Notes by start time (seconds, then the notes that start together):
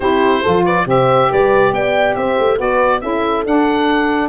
0.00 C4 E4 G4 C5
0.42 F3 F4 A4
0.64 B4 D5
0.85 C3 G4 C5 E5
1.30 G3 B4 D5
1.72 B3 D5 G5
2.15 C4 C5 E5
2.38 A3
2.56 B3 F#4 B4 D5
3.00 C#4 E4 A4 E5
3.45 D4 F#5